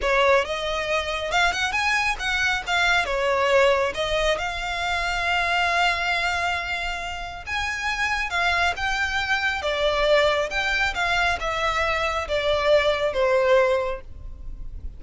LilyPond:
\new Staff \with { instrumentName = "violin" } { \time 4/4 \tempo 4 = 137 cis''4 dis''2 f''8 fis''8 | gis''4 fis''4 f''4 cis''4~ | cis''4 dis''4 f''2~ | f''1~ |
f''4 gis''2 f''4 | g''2 d''2 | g''4 f''4 e''2 | d''2 c''2 | }